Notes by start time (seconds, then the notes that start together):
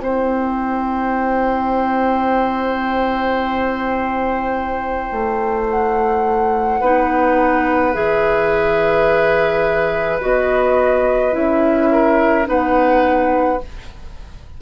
0.00 C4 E4 C5 G5
5.12 A3
5.70 F#5
6.80 B3 D#4 B4
7.93 E3 G#4 E5
10.21 B3 F#4 D#5
11.32 C#4 E4 E5
11.92 A#4
12.45 B3 D#4 B4 F#5